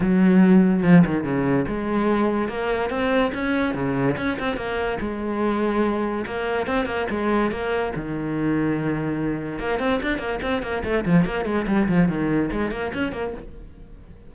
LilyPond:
\new Staff \with { instrumentName = "cello" } { \time 4/4 \tempo 4 = 144 fis2 f8 dis8 cis4 | gis2 ais4 c'4 | cis'4 cis4 cis'8 c'8 ais4 | gis2. ais4 |
c'8 ais8 gis4 ais4 dis4~ | dis2. ais8 c'8 | d'8 ais8 c'8 ais8 a8 f8 ais8 gis8 | g8 f8 dis4 gis8 ais8 cis'8 ais8 | }